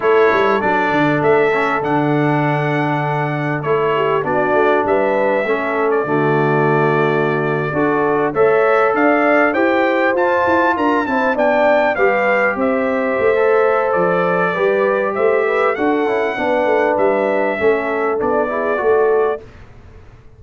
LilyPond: <<
  \new Staff \with { instrumentName = "trumpet" } { \time 4/4 \tempo 4 = 99 cis''4 d''4 e''4 fis''4~ | fis''2 cis''4 d''4 | e''4.~ e''16 d''2~ d''16~ | d''4.~ d''16 e''4 f''4 g''16~ |
g''8. a''4 ais''8 a''8 g''4 f''16~ | f''8. e''2~ e''16 d''4~ | d''4 e''4 fis''2 | e''2 d''2 | }
  \new Staff \with { instrumentName = "horn" } { \time 4/4 a'1~ | a'2~ a'8 g'8 fis'4 | b'4 a'4 fis'2~ | fis'8. a'4 cis''4 d''4 c''16~ |
c''4.~ c''16 ais'8 c''8 d''4 b'16~ | b'8. c''2.~ c''16 | b'4 c''8 b'8 a'4 b'4~ | b'4 a'4. gis'8 a'4 | }
  \new Staff \with { instrumentName = "trombone" } { \time 4/4 e'4 d'4. cis'8 d'4~ | d'2 e'4 d'4~ | d'4 cis'4 a2~ | a8. fis'4 a'2 g'16~ |
g'8. f'4. e'8 d'4 g'16~ | g'2 a'2 | g'2 fis'8 e'8 d'4~ | d'4 cis'4 d'8 e'8 fis'4 | }
  \new Staff \with { instrumentName = "tuba" } { \time 4/4 a8 g8 fis8 d8 a4 d4~ | d2 a4 b8 a8 | g4 a4 d2~ | d8. d'4 a4 d'4 e'16~ |
e'8. f'8 e'8 d'8 c'8 b4 g16~ | g8. c'4 a4~ a16 f4 | g4 a4 d'8 cis'8 b8 a8 | g4 a4 b4 a4 | }
>>